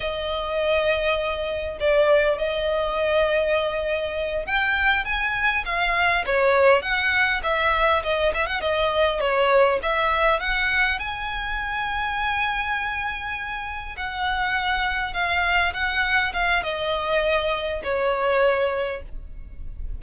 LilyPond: \new Staff \with { instrumentName = "violin" } { \time 4/4 \tempo 4 = 101 dis''2. d''4 | dis''2.~ dis''8 g''8~ | g''8 gis''4 f''4 cis''4 fis''8~ | fis''8 e''4 dis''8 e''16 fis''16 dis''4 cis''8~ |
cis''8 e''4 fis''4 gis''4.~ | gis''2.~ gis''8 fis''8~ | fis''4. f''4 fis''4 f''8 | dis''2 cis''2 | }